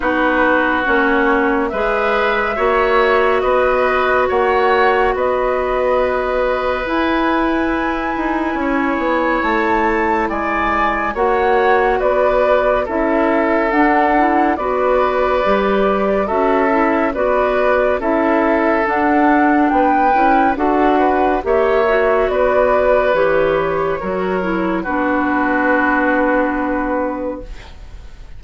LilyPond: <<
  \new Staff \with { instrumentName = "flute" } { \time 4/4 \tempo 4 = 70 b'4 cis''4 e''2 | dis''4 fis''4 dis''2 | gis''2. a''4 | gis''4 fis''4 d''4 e''4 |
fis''4 d''2 e''4 | d''4 e''4 fis''4 g''4 | fis''4 e''4 d''4 cis''4~ | cis''4 b'2. | }
  \new Staff \with { instrumentName = "oboe" } { \time 4/4 fis'2 b'4 cis''4 | b'4 cis''4 b'2~ | b'2 cis''2 | d''4 cis''4 b'4 a'4~ |
a'4 b'2 a'4 | b'4 a'2 b'4 | a'8 b'8 cis''4 b'2 | ais'4 fis'2. | }
  \new Staff \with { instrumentName = "clarinet" } { \time 4/4 dis'4 cis'4 gis'4 fis'4~ | fis'1 | e'1~ | e'4 fis'2 e'4 |
d'8 e'8 fis'4 g'4 fis'8 e'8 | fis'4 e'4 d'4. e'8 | fis'4 g'8 fis'4. g'4 | fis'8 e'8 d'2. | }
  \new Staff \with { instrumentName = "bassoon" } { \time 4/4 b4 ais4 gis4 ais4 | b4 ais4 b2 | e'4. dis'8 cis'8 b8 a4 | gis4 ais4 b4 cis'4 |
d'4 b4 g4 cis'4 | b4 cis'4 d'4 b8 cis'8 | d'4 ais4 b4 e4 | fis4 b2. | }
>>